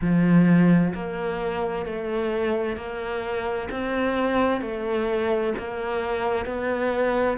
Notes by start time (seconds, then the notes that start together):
0.01 F3
0.94 A#3
1.85 A3
2.76 A#3
3.70 C4
4.61 A3
5.58 A#3
6.45 B3